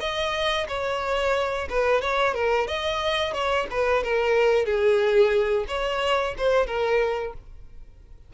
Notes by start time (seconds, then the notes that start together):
0.00 D#5
0.68 C#5
1.69 B4
2.02 C#5
2.34 A#4
2.67 D#5
3.33 C#5
3.71 B4
4.04 A#4
4.65 G#4
5.68 C#5
6.38 C5
6.67 A#4